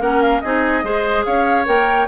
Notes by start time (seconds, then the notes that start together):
0.00 A#3 C#4 A#4 F#5
0.22 F5
0.41 C4 D#4 G#4 D#5
0.83 G#3 G#4 C5
1.25 C#4 C#5 F5
1.65 A#3 A#4 G5